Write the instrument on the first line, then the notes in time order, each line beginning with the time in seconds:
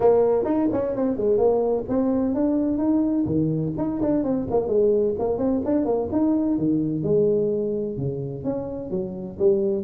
tuba
0.00 A#3
0.45 D#4
0.72 C#4
0.95 C4
1.16 G#3
1.37 A#3
1.89 C4
2.34 D4
2.78 D#4
3.26 D#3
3.77 D#4
4.01 D4
4.23 C4
4.50 A#3
4.67 G#3
5.18 A#3
5.38 C4
5.65 D4
5.85 A#3
6.12 D#4
6.58 D#3
7.03 G#3
7.97 C#3
8.44 C#4
8.90 F#3
9.38 G3